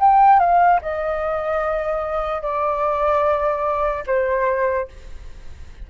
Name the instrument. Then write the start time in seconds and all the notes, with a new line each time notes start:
flute
0.00 G5
0.40 F5
0.82 D#5
2.42 D5
4.07 C5